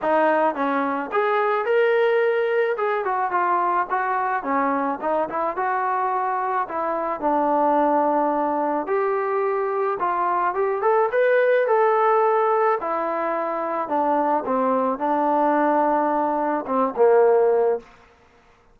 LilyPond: \new Staff \with { instrumentName = "trombone" } { \time 4/4 \tempo 4 = 108 dis'4 cis'4 gis'4 ais'4~ | ais'4 gis'8 fis'8 f'4 fis'4 | cis'4 dis'8 e'8 fis'2 | e'4 d'2. |
g'2 f'4 g'8 a'8 | b'4 a'2 e'4~ | e'4 d'4 c'4 d'4~ | d'2 c'8 ais4. | }